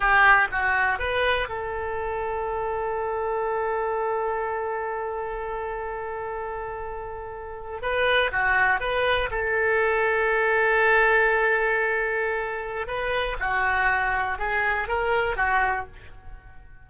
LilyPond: \new Staff \with { instrumentName = "oboe" } { \time 4/4 \tempo 4 = 121 g'4 fis'4 b'4 a'4~ | a'1~ | a'1~ | a'2.~ a'8. b'16~ |
b'8. fis'4 b'4 a'4~ a'16~ | a'1~ | a'2 b'4 fis'4~ | fis'4 gis'4 ais'4 fis'4 | }